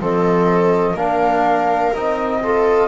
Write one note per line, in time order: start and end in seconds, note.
0.00 0.94 F3
0.00 0.96 C4
0.00 0.95 A4
0.00 0.98 D#5
0.94 1.91 A#3
0.94 1.93 D4
0.94 2.41 A#4
0.94 1.94 F5
1.94 2.88 C4
1.94 2.42 D#4
1.94 2.88 D#5
2.43 2.88 F4
2.43 2.88 A4